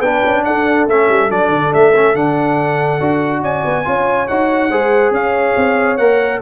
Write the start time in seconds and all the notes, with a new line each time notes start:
0.00 B3 D4 B4 G5
0.25 C#4
0.44 D4 A4 F#5
0.87 A3 C#4 E5
1.09 G3
1.29 F#3 D4 D5
1.49 D3
1.73 A3 E5
1.94 C#4
2.14 D3 D4 F#5
3.00 D4 F#4
3.41 C#4 D5 G#5
3.64 B3
3.84 C#4 F4 C#5
4.27 D#4 F#4 F#5
4.70 G#3 G#4 C5
5.11 C#4 C#5 F5
5.56 C4
5.97 A#3 A#4 F#5